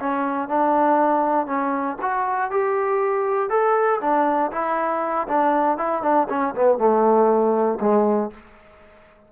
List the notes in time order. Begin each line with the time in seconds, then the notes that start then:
0.00 C#4
0.49 D4
1.47 C#4
2.02 F#4
2.51 G4
3.50 A4
4.02 D4
4.52 E4
5.28 D4
5.78 E4
6.03 D4
6.30 C#4
6.55 B3
6.78 A3
7.81 G#3